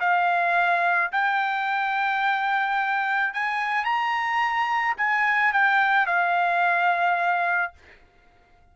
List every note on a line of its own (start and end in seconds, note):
0.00 1.11 F5
1.12 3.34 G5
3.34 3.85 G#5
3.85 4.96 A#5
4.97 5.53 G#5
5.53 6.07 G5
6.07 7.73 F5